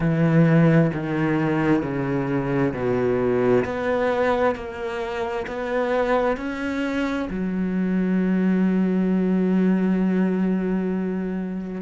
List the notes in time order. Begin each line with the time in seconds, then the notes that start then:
0.00 E3
0.93 D#3
1.82 C#3
2.73 B2
3.64 B3
4.55 A#3
5.47 B3
6.36 C#4
7.30 F#3